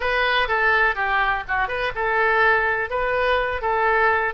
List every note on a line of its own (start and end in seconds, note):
0.00 0.48 B4
0.48 0.95 A4
0.95 1.43 G4
1.48 1.68 F#4
1.68 1.92 B4
1.95 2.89 A4
2.89 3.61 B4
3.61 4.34 A4